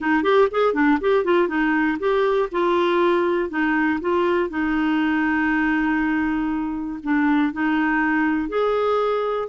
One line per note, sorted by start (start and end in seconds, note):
0.00 0.23 D#4
0.23 0.48 G4
0.51 0.73 G#4
0.73 0.98 D4
1.00 1.24 G4
1.24 1.47 F4
1.47 1.97 D#4
1.99 2.49 G4
2.51 3.49 F4
3.49 3.99 D#4
4.00 4.49 F4
4.49 6.99 D#4
7.03 7.52 D4
7.52 8.49 D#4
8.49 9.49 G#4